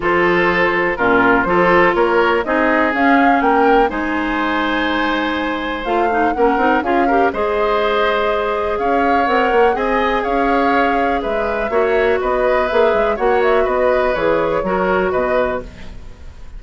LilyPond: <<
  \new Staff \with { instrumentName = "flute" } { \time 4/4 \tempo 4 = 123 c''2 ais'4 c''4 | cis''4 dis''4 f''4 g''4 | gis''1 | f''4 fis''4 f''4 dis''4~ |
dis''2 f''4 fis''4 | gis''4 f''2 e''4~ | e''4 dis''4 e''4 fis''8 e''8 | dis''4 cis''2 dis''4 | }
  \new Staff \with { instrumentName = "oboe" } { \time 4/4 a'2 f'4 a'4 | ais'4 gis'2 ais'4 | c''1~ | c''4 ais'4 gis'8 ais'8 c''4~ |
c''2 cis''2 | dis''4 cis''2 b'4 | cis''4 b'2 cis''4 | b'2 ais'4 b'4 | }
  \new Staff \with { instrumentName = "clarinet" } { \time 4/4 f'2 cis'4 f'4~ | f'4 dis'4 cis'2 | dis'1 | f'8 dis'8 cis'8 dis'8 f'8 g'8 gis'4~ |
gis'2. ais'4 | gis'1 | fis'2 gis'4 fis'4~ | fis'4 gis'4 fis'2 | }
  \new Staff \with { instrumentName = "bassoon" } { \time 4/4 f2 ais,4 f4 | ais4 c'4 cis'4 ais4 | gis1 | a4 ais8 c'8 cis'4 gis4~ |
gis2 cis'4 c'8 ais8 | c'4 cis'2 gis4 | ais4 b4 ais8 gis8 ais4 | b4 e4 fis4 b,4 | }
>>